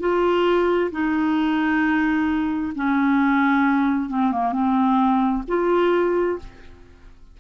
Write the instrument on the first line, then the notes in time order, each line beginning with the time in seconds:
clarinet
0.00 F4
0.91 D#4
2.76 C#4
4.10 C4
4.32 A#3
4.52 C4
5.48 F4